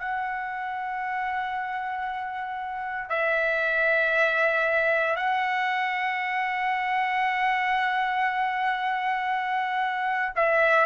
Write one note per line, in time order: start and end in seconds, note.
0.00 3.10 F#5
3.10 5.17 E5
5.17 10.34 F#5
10.36 10.86 E5